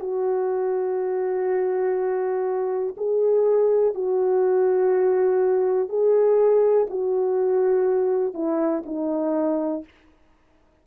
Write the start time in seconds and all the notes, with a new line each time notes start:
0.00 F#4
2.97 G#4
3.95 F#4
5.89 G#4
6.90 F#4
8.34 E4
8.86 D#4